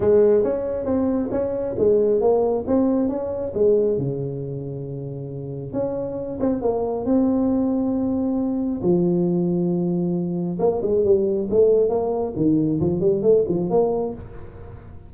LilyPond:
\new Staff \with { instrumentName = "tuba" } { \time 4/4 \tempo 4 = 136 gis4 cis'4 c'4 cis'4 | gis4 ais4 c'4 cis'4 | gis4 cis2.~ | cis4 cis'4. c'8 ais4 |
c'1 | f1 | ais8 gis8 g4 a4 ais4 | dis4 f8 g8 a8 f8 ais4 | }